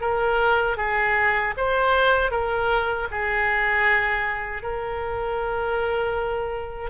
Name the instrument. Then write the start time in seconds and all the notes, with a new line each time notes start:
oboe
0.00 A#4
0.77 G#4
1.57 C5
2.30 A#4
3.11 G#4
4.62 A#4